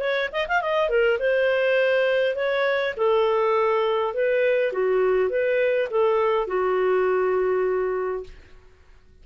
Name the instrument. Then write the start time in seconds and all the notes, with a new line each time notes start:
clarinet
0.00 C#5
0.33 D#5
0.48 F5
0.62 D#5
0.89 A#4
1.20 C5
2.36 C#5
2.97 A4
4.14 B4
4.72 F#4
5.29 B4
5.90 A4
6.47 F#4